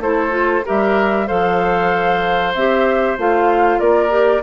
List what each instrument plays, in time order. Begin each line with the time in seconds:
0.00 bassoon A3, clarinet E4, oboe A4, flute C5
0.31 clarinet F4
0.66 bassoon G3, clarinet G4, oboe A#4, flute E5
1.27 bassoon F3, clarinet A4, oboe C5, flute F5
2.55 bassoon C4, clarinet G4, flute E5
3.18 bassoon A3, clarinet F4, flute F5
3.79 bassoon A#3, oboe A#4, flute D5
4.10 clarinet G4